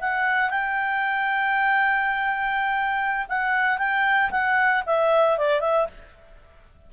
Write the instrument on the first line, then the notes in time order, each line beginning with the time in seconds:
clarinet
0.00 F#5
0.50 G5
3.28 F#5
3.78 G5
4.30 F#5
4.86 E5
5.38 D5
5.60 E5